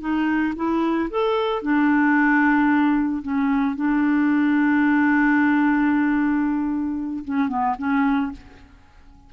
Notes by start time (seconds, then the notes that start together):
0.00 D#4
0.56 E4
1.10 A4
1.62 D4
3.22 C#4
3.76 D4
7.25 C#4
7.49 B3
7.78 C#4